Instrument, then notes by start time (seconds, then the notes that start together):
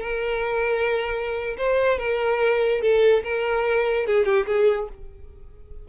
violin
0.00 A#4
1.57 C5
1.98 A#4
2.81 A4
3.23 A#4
4.06 G#4
4.25 G4
4.46 G#4